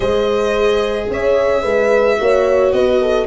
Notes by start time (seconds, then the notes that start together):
0.00 G#3 G#4 C5 D#5
1.09 C#4 C#5 E5
1.61 G#3 B4
2.17 A#3 F#4 C#5
2.72 B3 B4 D#5
3.01 A4